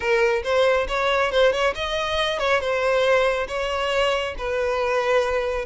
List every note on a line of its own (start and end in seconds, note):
0.00 0.42 A#4
0.43 0.87 C5
0.88 1.31 C#5
1.31 1.52 C5
1.52 1.74 C#5
1.75 2.38 D#5
2.38 2.60 C#5
2.60 3.47 C5
3.47 4.34 C#5
4.38 5.65 B4